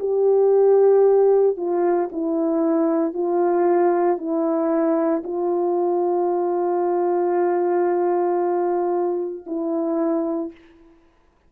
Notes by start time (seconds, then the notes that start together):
0.00 G4
1.57 F4
2.12 E4
3.14 F4
4.18 E4
5.24 F4
9.47 E4